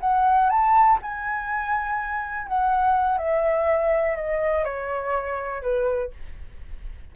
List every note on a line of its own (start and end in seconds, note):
0.00 0.49 F#5
0.49 0.99 A5
1.02 2.47 G#5
2.47 3.18 F#5
3.18 4.16 E5
4.16 4.64 D#5
4.64 5.62 C#5
5.62 6.11 B4